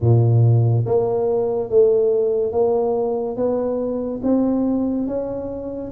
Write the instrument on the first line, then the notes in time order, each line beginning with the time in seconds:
tuba
0.00 A#2
0.86 A#3
1.69 A3
2.51 A#3
3.36 B3
4.23 C4
5.07 C#4